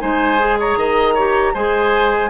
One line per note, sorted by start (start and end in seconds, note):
0.00 0.76 G#3
0.00 0.38 D#4
0.00 0.59 C5
0.00 0.58 G#5
0.39 1.16 G#4
0.59 0.78 C#5
0.59 1.55 A#5
0.76 1.53 D#3
0.76 1.15 D#5
1.15 1.55 G4
1.15 1.53 C#5
1.54 2.30 G#3
1.54 2.30 G#4
1.54 2.30 C5
1.54 2.30 G#5